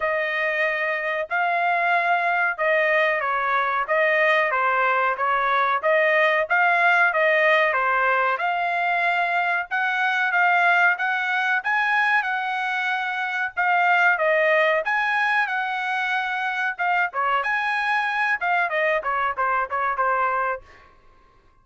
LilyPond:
\new Staff \with { instrumentName = "trumpet" } { \time 4/4 \tempo 4 = 93 dis''2 f''2 | dis''4 cis''4 dis''4 c''4 | cis''4 dis''4 f''4 dis''4 | c''4 f''2 fis''4 |
f''4 fis''4 gis''4 fis''4~ | fis''4 f''4 dis''4 gis''4 | fis''2 f''8 cis''8 gis''4~ | gis''8 f''8 dis''8 cis''8 c''8 cis''8 c''4 | }